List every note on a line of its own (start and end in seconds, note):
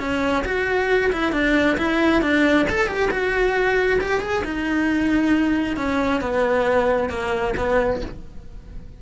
0.00 0.44 C#4
0.45 1.12 F#4
1.13 1.33 E4
1.33 1.77 D4
1.78 2.22 E4
2.22 2.67 D4
2.70 2.88 A4
2.88 3.10 G4
3.11 4.00 F#4
4.01 4.21 G4
4.21 4.43 G#4
4.45 5.77 D#4
5.77 6.21 C#4
6.22 7.10 B3
7.10 7.54 A#3
7.57 8.02 B3